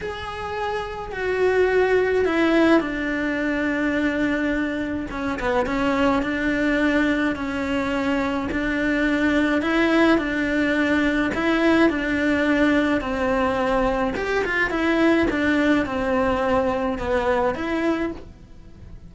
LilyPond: \new Staff \with { instrumentName = "cello" } { \time 4/4 \tempo 4 = 106 gis'2 fis'2 | e'4 d'2.~ | d'4 cis'8 b8 cis'4 d'4~ | d'4 cis'2 d'4~ |
d'4 e'4 d'2 | e'4 d'2 c'4~ | c'4 g'8 f'8 e'4 d'4 | c'2 b4 e'4 | }